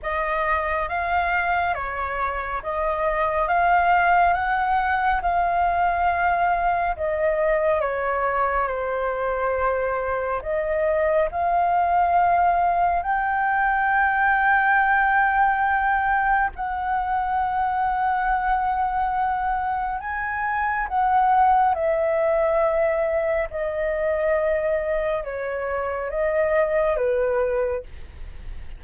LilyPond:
\new Staff \with { instrumentName = "flute" } { \time 4/4 \tempo 4 = 69 dis''4 f''4 cis''4 dis''4 | f''4 fis''4 f''2 | dis''4 cis''4 c''2 | dis''4 f''2 g''4~ |
g''2. fis''4~ | fis''2. gis''4 | fis''4 e''2 dis''4~ | dis''4 cis''4 dis''4 b'4 | }